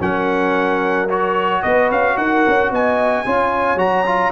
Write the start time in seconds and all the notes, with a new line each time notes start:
0.00 F#3 C#4 A#4 F#5
1.09 F#4 C#5
1.62 B3 B4 D#5
1.90 C#4 F5
2.17 D#4 A#4 F#5
2.47 C#4
2.70 B3 D#5 G#5
3.25 C#4 F4 C#5
3.75 F#3 F#4 A#5
4.06 F4